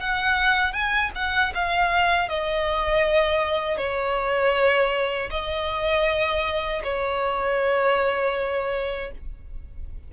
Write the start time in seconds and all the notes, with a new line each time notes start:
0.00 F#5
0.73 G#5
1.16 F#5
1.55 F5
2.29 D#5
3.78 C#5
5.31 D#5
6.84 C#5